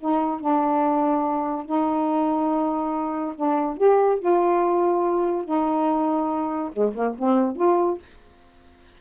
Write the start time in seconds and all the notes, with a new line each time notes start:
0.00 D#4
0.40 D4
1.66 D#4
3.36 D4
3.77 G4
4.19 F4
5.45 D#4
6.73 G#3
6.95 A#3
7.18 C4
7.56 F4